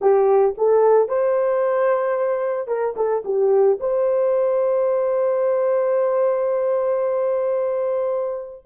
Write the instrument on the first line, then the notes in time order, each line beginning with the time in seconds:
horn
0.01 G4
0.57 A4
1.08 C5
2.67 A#4
2.96 A4
3.24 G4
3.80 C5